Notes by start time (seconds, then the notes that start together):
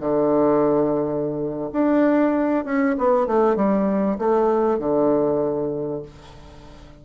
0.00 D3
1.72 D4
2.65 C#4
2.98 B3
3.27 A3
3.56 G3
4.18 A3
4.79 D3